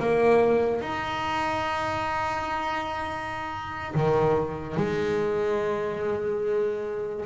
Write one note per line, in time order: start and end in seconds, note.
0.00 0.82 A#3
0.82 3.94 D#4
3.95 4.77 D#3
4.77 7.26 G#3